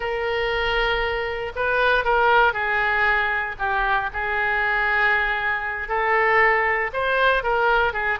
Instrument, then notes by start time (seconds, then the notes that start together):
oboe
0.00 A#4
1.55 B4
2.04 A#4
2.53 G#4
3.58 G4
4.13 G#4
5.88 A4
6.93 C5
7.43 A#4
7.93 G#4